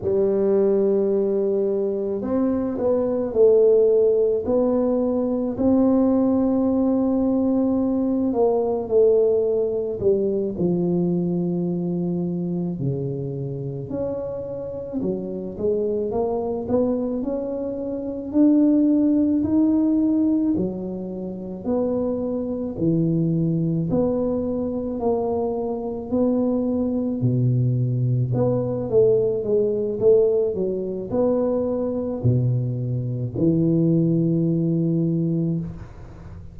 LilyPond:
\new Staff \with { instrumentName = "tuba" } { \time 4/4 \tempo 4 = 54 g2 c'8 b8 a4 | b4 c'2~ c'8 ais8 | a4 g8 f2 cis8~ | cis8 cis'4 fis8 gis8 ais8 b8 cis'8~ |
cis'8 d'4 dis'4 fis4 b8~ | b8 e4 b4 ais4 b8~ | b8 b,4 b8 a8 gis8 a8 fis8 | b4 b,4 e2 | }